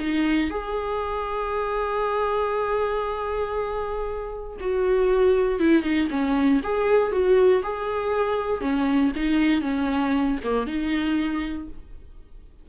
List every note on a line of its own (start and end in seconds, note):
0.00 0.50 D#4
0.50 4.57 G#4
4.61 5.60 F#4
5.60 5.83 E4
5.83 6.09 D#4
6.11 6.61 C#4
6.64 7.12 G#4
7.12 7.63 F#4
7.63 8.61 G#4
8.61 9.12 C#4
9.16 9.62 D#4
9.62 10.38 C#4
10.44 10.67 A#3
10.67 11.69 D#4